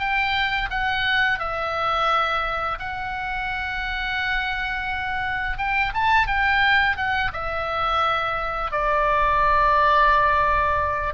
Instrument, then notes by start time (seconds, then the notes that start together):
oboe
0.00 G5
0.71 F#5
1.40 E5
2.80 F#5
5.58 G5
5.94 A5
6.28 G5
6.97 F#5
7.34 E5
8.72 D5